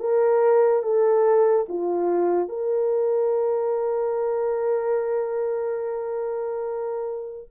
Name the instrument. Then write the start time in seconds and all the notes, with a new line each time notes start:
horn
0.00 A#4
0.83 A4
1.69 F4
2.49 A#4